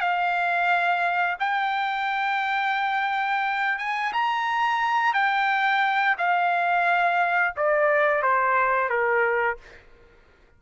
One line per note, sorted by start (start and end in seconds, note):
0.00 1.36 F5
1.39 3.78 G5
3.78 4.12 G#5
4.12 5.13 A#5
5.13 6.15 G5
6.18 7.54 F5
7.56 8.22 D5
8.22 8.89 C5
8.89 9.57 A#4